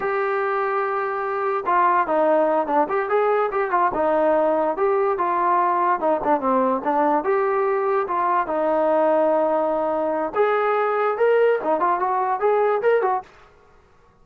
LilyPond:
\new Staff \with { instrumentName = "trombone" } { \time 4/4 \tempo 4 = 145 g'1 | f'4 dis'4. d'8 g'8 gis'8~ | gis'8 g'8 f'8 dis'2 g'8~ | g'8 f'2 dis'8 d'8 c'8~ |
c'8 d'4 g'2 f'8~ | f'8 dis'2.~ dis'8~ | dis'4 gis'2 ais'4 | dis'8 f'8 fis'4 gis'4 ais'8 fis'8 | }